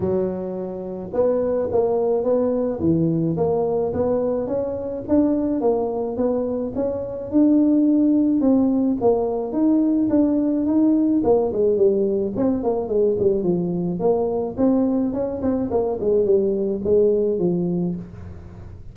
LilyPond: \new Staff \with { instrumentName = "tuba" } { \time 4/4 \tempo 4 = 107 fis2 b4 ais4 | b4 e4 ais4 b4 | cis'4 d'4 ais4 b4 | cis'4 d'2 c'4 |
ais4 dis'4 d'4 dis'4 | ais8 gis8 g4 c'8 ais8 gis8 g8 | f4 ais4 c'4 cis'8 c'8 | ais8 gis8 g4 gis4 f4 | }